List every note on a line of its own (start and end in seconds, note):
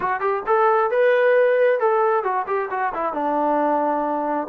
0.00 0.20 F#4
0.20 0.42 G4
0.46 0.91 A4
0.91 1.79 B4
1.79 2.23 A4
2.23 2.45 F#4
2.46 2.69 G4
2.70 2.92 F#4
2.94 3.13 E4
3.13 4.47 D4